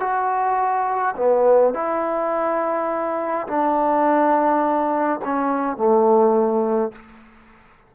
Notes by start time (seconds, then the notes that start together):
0.00 F#4
1.16 B3
1.74 E4
3.48 D4
5.25 C#4
5.77 A3